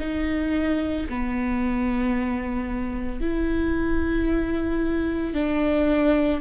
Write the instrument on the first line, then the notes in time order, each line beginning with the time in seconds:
viola
0.00 D#4
1.10 B3
3.21 E4
5.34 D4